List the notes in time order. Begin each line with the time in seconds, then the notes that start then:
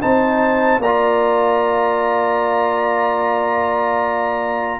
0.00 C4 D#4 C5 A5
0.78 A#3 D5 A#5
0.85 F4